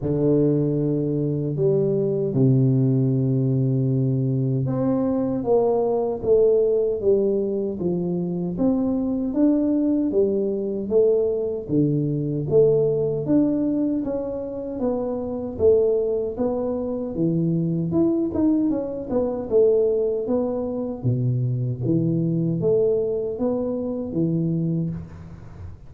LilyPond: \new Staff \with { instrumentName = "tuba" } { \time 4/4 \tempo 4 = 77 d2 g4 c4~ | c2 c'4 ais4 | a4 g4 f4 c'4 | d'4 g4 a4 d4 |
a4 d'4 cis'4 b4 | a4 b4 e4 e'8 dis'8 | cis'8 b8 a4 b4 b,4 | e4 a4 b4 e4 | }